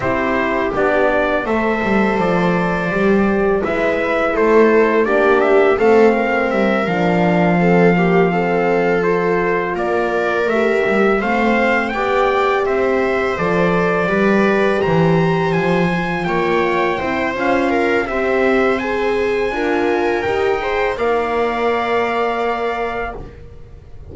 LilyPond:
<<
  \new Staff \with { instrumentName = "trumpet" } { \time 4/4 \tempo 4 = 83 c''4 d''4 e''4 d''4~ | d''4 e''4 c''4 d''8 e''8 | f''4 e''8 f''2~ f''8~ | f''8 c''4 d''4 e''4 f''8~ |
f''8 g''4 e''4 d''4.~ | d''8 ais''4 gis''4 g''4. | f''4 e''4 gis''2 | g''4 f''2. | }
  \new Staff \with { instrumentName = "viola" } { \time 4/4 g'2 c''2~ | c''4 b'4 a'4 g'4 | a'8 ais'2 a'8 g'8 a'8~ | a'4. ais'2 c''8~ |
c''8 d''4 c''2 b'8~ | b'8 c''2 cis''4 c''8~ | c''8 ais'8 c''2 ais'4~ | ais'8 c''8 d''2. | }
  \new Staff \with { instrumentName = "horn" } { \time 4/4 e'4 d'4 a'2 | g'4 e'2 d'4 | c'4. d'4 c'8 ais8 c'8~ | c'8 f'2 g'4 c'8~ |
c'8 g'2 a'4 g'8~ | g'2 f'4. e'8 | f'4 g'4 gis'4 f'4 | g'8 gis'8 ais'2. | }
  \new Staff \with { instrumentName = "double bass" } { \time 4/4 c'4 b4 a8 g8 f4 | g4 gis4 a4 ais4 | a4 g8 f2~ f8~ | f4. ais4 a8 g8 a8~ |
a8 b4 c'4 f4 g8~ | g8 e4 f4 ais4 c'8 | cis'4 c'2 d'4 | dis'4 ais2. | }
>>